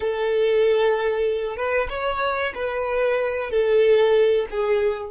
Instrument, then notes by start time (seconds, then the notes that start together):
violin
0.00 A4
1.56 B4
1.89 C#5
2.54 B4
3.50 A4
4.50 G#4